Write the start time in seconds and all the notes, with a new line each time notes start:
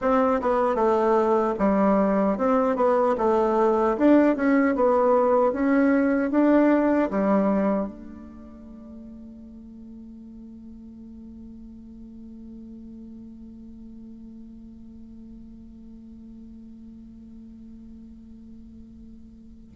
0.01 C4
0.41 B3
0.75 A3
1.59 G3
2.37 C4
2.76 B3
3.17 A3
3.97 D4
4.36 C#4
4.75 B3
5.52 C#4
6.31 D4
7.10 G3
7.87 A3